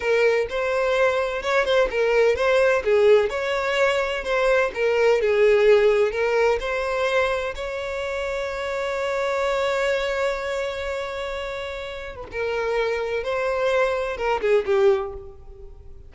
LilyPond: \new Staff \with { instrumentName = "violin" } { \time 4/4 \tempo 4 = 127 ais'4 c''2 cis''8 c''8 | ais'4 c''4 gis'4 cis''4~ | cis''4 c''4 ais'4 gis'4~ | gis'4 ais'4 c''2 |
cis''1~ | cis''1~ | cis''4.~ cis''16 b'16 ais'2 | c''2 ais'8 gis'8 g'4 | }